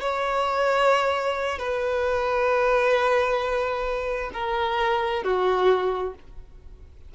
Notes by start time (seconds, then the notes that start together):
0.00 C#5
1.58 B4
4.33 A#4
5.23 F#4